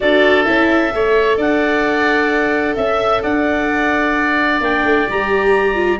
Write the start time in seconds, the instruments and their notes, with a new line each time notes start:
0.00 tuba D4, viola F#4, oboe A4, clarinet D5
0.44 tuba C#4, viola E4, clarinet E5
0.91 tuba A3, viola A4, oboe C#5
1.37 tuba D4, oboe D5, clarinet F#5
2.75 tuba C#4, clarinet E5, oboe E5
3.22 tuba D4, oboe D5, clarinet F#5
4.60 tuba A#3, viola D4, clarinet G5
4.84 tuba A3
5.07 tuba G3, viola G4, clarinet A#5
5.74 viola F4